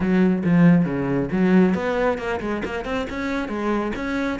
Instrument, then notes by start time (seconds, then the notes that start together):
cello
0.00 F#3
0.43 F3
0.85 C#3
1.31 F#3
1.74 B3
2.18 A#3
2.40 G#3
2.65 A#3
2.84 C4
3.09 C#4
3.48 G#3
3.95 C#4